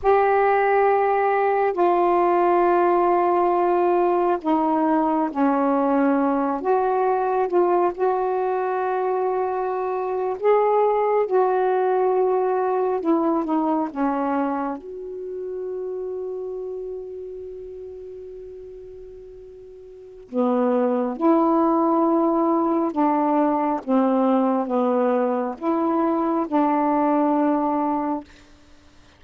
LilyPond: \new Staff \with { instrumentName = "saxophone" } { \time 4/4 \tempo 4 = 68 g'2 f'2~ | f'4 dis'4 cis'4. fis'8~ | fis'8 f'8 fis'2~ fis'8. gis'16~ | gis'8. fis'2 e'8 dis'8 cis'16~ |
cis'8. fis'2.~ fis'16~ | fis'2. b4 | e'2 d'4 c'4 | b4 e'4 d'2 | }